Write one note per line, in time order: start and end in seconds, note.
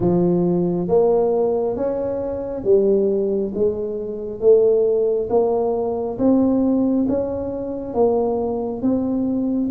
0.00 0.88 F3
0.88 1.76 A#3
1.76 2.64 C#4
2.64 3.52 G3
3.54 4.40 G#3
4.40 5.28 A3
5.29 6.18 A#3
6.18 7.06 C4
7.08 7.94 C#4
7.94 8.82 A#3
8.82 9.70 C4